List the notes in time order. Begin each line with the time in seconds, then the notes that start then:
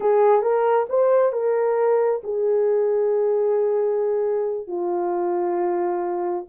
0.00 G#4
0.42 A#4
0.89 C5
1.32 A#4
2.23 G#4
4.67 F4